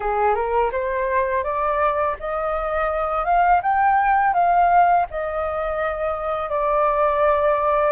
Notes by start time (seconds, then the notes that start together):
0.00 G#4
0.34 A#4
0.71 C5
1.43 D5
2.19 D#5
3.24 F5
3.62 G5
4.33 F5
5.10 D#5
6.49 D5